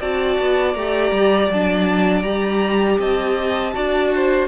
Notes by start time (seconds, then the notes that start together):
0.00 C4 F#4 D5 A5
0.40 B3
0.75 A3 G4 A#5
1.11 G3
1.50 F#3 D4 A5
2.23 G3 G4 A#5
2.99 C4 D#5 A5
3.74 D4 F#4 D5
4.15 C5